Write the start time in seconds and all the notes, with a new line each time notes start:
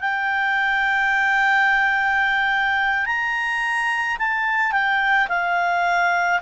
0.00 G5
3.06 A#5
4.19 A5
4.72 G5
5.29 F5